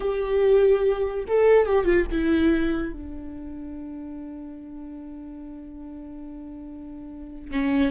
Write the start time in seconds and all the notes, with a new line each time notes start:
0.00 G4
1.27 A4
1.66 G4
1.84 F4
2.11 E4
2.92 D4
7.51 C#4